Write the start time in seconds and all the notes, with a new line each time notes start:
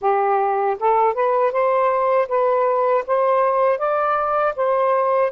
0.01 G4
0.79 A4
1.14 B4
1.52 C5
2.28 B4
3.07 C5
3.78 D5
4.56 C5